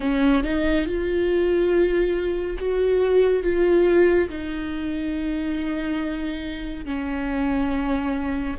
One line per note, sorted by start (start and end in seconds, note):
0.00 0.43 C#4
0.43 0.85 D#4
0.85 2.57 F4
2.58 3.43 F#4
3.43 4.29 F4
4.29 6.85 D#4
6.85 8.56 C#4